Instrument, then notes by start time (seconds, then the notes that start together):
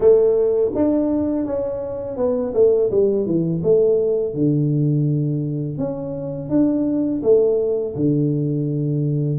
tuba
0.00 A3
0.74 D4
1.45 C#4
2.17 B3
2.54 A3
2.90 G3
3.26 E3
3.63 A3
4.34 D3
5.77 C#4
6.49 D4
7.23 A3
7.95 D3